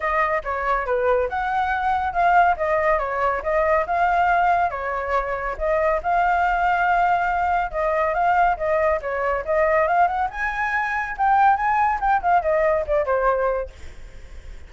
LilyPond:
\new Staff \with { instrumentName = "flute" } { \time 4/4 \tempo 4 = 140 dis''4 cis''4 b'4 fis''4~ | fis''4 f''4 dis''4 cis''4 | dis''4 f''2 cis''4~ | cis''4 dis''4 f''2~ |
f''2 dis''4 f''4 | dis''4 cis''4 dis''4 f''8 fis''8 | gis''2 g''4 gis''4 | g''8 f''8 dis''4 d''8 c''4. | }